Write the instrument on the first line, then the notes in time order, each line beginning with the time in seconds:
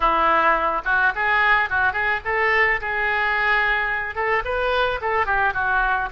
oboe
0.00 E4
0.85 F#4
1.15 G#4
1.69 F#4
1.92 G#4
2.24 A4
2.80 G#4
4.15 A4
4.44 B4
5.01 A4
5.26 G4
5.53 F#4